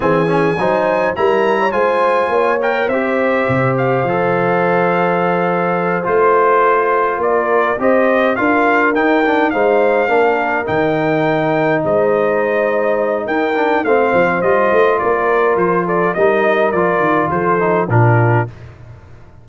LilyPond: <<
  \new Staff \with { instrumentName = "trumpet" } { \time 4/4 \tempo 4 = 104 gis''2 ais''4 gis''4~ | gis''8 g''8 e''4. f''4.~ | f''2~ f''8 c''4.~ | c''8 d''4 dis''4 f''4 g''8~ |
g''8 f''2 g''4.~ | g''8 dis''2~ dis''8 g''4 | f''4 dis''4 d''4 c''8 d''8 | dis''4 d''4 c''4 ais'4 | }
  \new Staff \with { instrumentName = "horn" } { \time 4/4 gis'4 c''4 ais'8. cis''16 c''4 | cis''4 c''2.~ | c''1~ | c''8 ais'4 c''4 ais'4.~ |
ais'8 c''4 ais'2~ ais'8~ | ais'8 c''2~ c''8 ais'4 | c''2 ais'4. a'8 | ais'2 a'4 f'4 | }
  \new Staff \with { instrumentName = "trombone" } { \time 4/4 c'8 cis'8 dis'4 e'4 f'4~ | f'8 ais'8 g'2 a'4~ | a'2~ a'8 f'4.~ | f'4. g'4 f'4 dis'8 |
d'8 dis'4 d'4 dis'4.~ | dis'2.~ dis'8 d'8 | c'4 f'2. | dis'4 f'4. dis'8 d'4 | }
  \new Staff \with { instrumentName = "tuba" } { \time 4/4 e4 fis4 g4 gis4 | ais4 c'4 c4 f4~ | f2~ f8 a4.~ | a8 ais4 c'4 d'4 dis'8~ |
dis'8 gis4 ais4 dis4.~ | dis8 gis2~ gis8 dis'4 | a8 f8 g8 a8 ais4 f4 | g4 f8 dis8 f4 ais,4 | }
>>